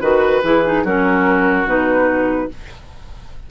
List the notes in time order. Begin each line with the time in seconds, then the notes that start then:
0.00 D#3 F#4 B4
0.43 E3 E4 G#4
0.65 D#4
0.84 F#3 C#4 F#4 A#4
1.65 B2 D#4 B4